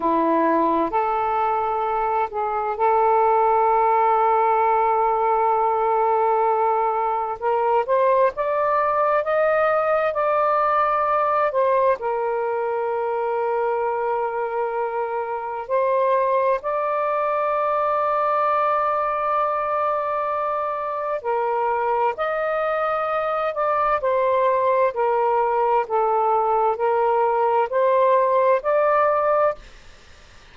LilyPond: \new Staff \with { instrumentName = "saxophone" } { \time 4/4 \tempo 4 = 65 e'4 a'4. gis'8 a'4~ | a'1 | ais'8 c''8 d''4 dis''4 d''4~ | d''8 c''8 ais'2.~ |
ais'4 c''4 d''2~ | d''2. ais'4 | dis''4. d''8 c''4 ais'4 | a'4 ais'4 c''4 d''4 | }